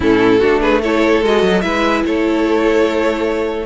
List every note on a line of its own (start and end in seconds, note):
0.00 0.41 A2
0.00 0.40 C#4
0.00 0.39 E4
0.00 0.61 A4
0.39 1.22 A3
0.39 0.82 D4
0.39 0.59 F#4
0.61 0.81 G#4
0.61 0.81 B4
0.81 1.24 E4
0.81 1.63 A4
0.81 1.23 C#5
1.22 1.42 G#3
1.22 1.62 F#4
1.22 1.61 D#5
1.42 1.62 F#3
1.61 2.04 G#3
1.61 3.65 E4
1.61 2.04 B4
1.61 2.02 E5
2.05 3.65 A3
2.05 3.65 A4
2.05 3.65 C#5